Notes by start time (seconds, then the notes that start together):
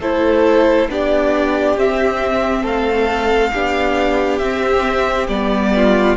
0.00 A3 E4 A4 C5
0.89 B3 D4 G4 D5
1.77 C4 E5
2.62 A3 A4 F5
3.53 B3 D4 G4
4.39 C4 E5
5.28 G3 B3 D5
5.76 F4